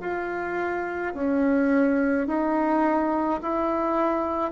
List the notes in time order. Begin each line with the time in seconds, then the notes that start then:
0.00 F4
1.14 C#4
2.27 D#4
3.42 E4